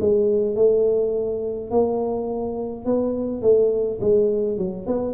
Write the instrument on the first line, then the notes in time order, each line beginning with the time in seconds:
tuba
0.00 G#3
0.55 A3
1.70 A#3
2.85 B3
3.41 A3
4.00 G#3
4.58 F#3
4.86 B3